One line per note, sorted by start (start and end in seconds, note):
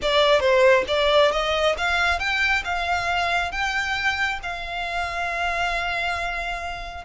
0.02 0.40 D5
0.40 0.84 C5
0.87 1.31 D5
1.31 1.75 D#5
1.77 2.19 F5
2.19 2.63 G5
2.64 3.51 F5
3.51 4.39 G5
4.42 7.04 F5